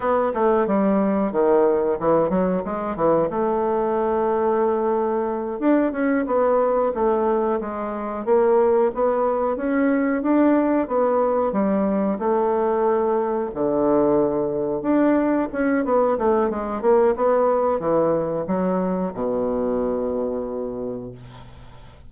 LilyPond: \new Staff \with { instrumentName = "bassoon" } { \time 4/4 \tempo 4 = 91 b8 a8 g4 dis4 e8 fis8 | gis8 e8 a2.~ | a8 d'8 cis'8 b4 a4 gis8~ | gis8 ais4 b4 cis'4 d'8~ |
d'8 b4 g4 a4.~ | a8 d2 d'4 cis'8 | b8 a8 gis8 ais8 b4 e4 | fis4 b,2. | }